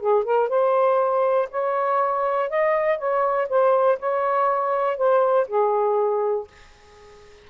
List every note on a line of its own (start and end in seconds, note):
0.00 0.24 G#4
0.24 0.49 A#4
0.49 1.49 C5
1.51 2.50 C#5
2.50 2.98 D#5
2.98 3.48 C#5
3.49 3.99 C5
4.00 4.97 C#5
4.97 5.47 C5
5.48 6.48 G#4